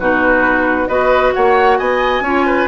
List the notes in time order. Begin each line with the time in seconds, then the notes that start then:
0.00 B2 D#4 F#4 B4
0.88 B3 F#4 B4 D#5
1.34 A#3 C#5 F#5
1.78 B3 D#5 G#5
2.21 C#4 F4 C#5
2.47 B4